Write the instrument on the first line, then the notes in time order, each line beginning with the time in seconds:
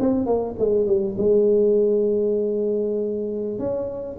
tuba
0.00 C4
0.26 A#3
0.59 G#3
0.87 G3
1.18 G#3
3.59 C#4